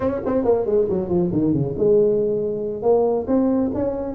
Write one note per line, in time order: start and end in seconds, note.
0.00 0.20 C#4
0.25 0.44 C4
0.44 0.66 A#3
0.66 0.88 G#3
0.89 1.08 F#3
1.08 1.30 F3
1.32 1.53 D#3
1.53 1.75 C#3
1.78 2.82 G#3
2.82 3.26 A#3
3.27 3.70 C4
3.74 4.15 C#4